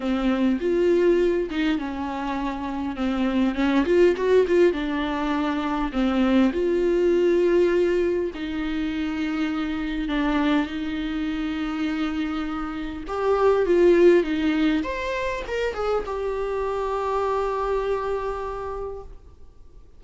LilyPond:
\new Staff \with { instrumentName = "viola" } { \time 4/4 \tempo 4 = 101 c'4 f'4. dis'8 cis'4~ | cis'4 c'4 cis'8 f'8 fis'8 f'8 | d'2 c'4 f'4~ | f'2 dis'2~ |
dis'4 d'4 dis'2~ | dis'2 g'4 f'4 | dis'4 c''4 ais'8 gis'8 g'4~ | g'1 | }